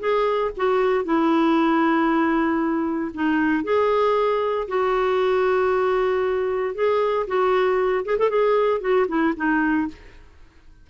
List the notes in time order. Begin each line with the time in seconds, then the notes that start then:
0.00 G#4
0.57 F#4
1.05 E4
3.15 D#4
3.65 G#4
4.68 F#4
6.75 G#4
7.28 F#4
8.06 G#4
8.19 A4
8.30 G#4
8.81 F#4
9.08 E4
9.37 D#4